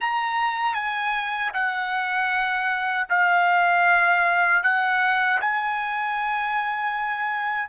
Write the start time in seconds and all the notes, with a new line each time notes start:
0.00 A#5
0.74 G#5
1.53 F#5
3.09 F5
4.63 F#5
5.41 G#5